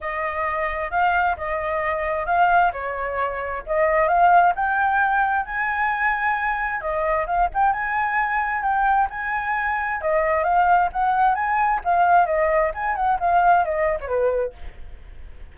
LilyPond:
\new Staff \with { instrumentName = "flute" } { \time 4/4 \tempo 4 = 132 dis''2 f''4 dis''4~ | dis''4 f''4 cis''2 | dis''4 f''4 g''2 | gis''2. dis''4 |
f''8 g''8 gis''2 g''4 | gis''2 dis''4 f''4 | fis''4 gis''4 f''4 dis''4 | gis''8 fis''8 f''4 dis''8. cis''16 b'4 | }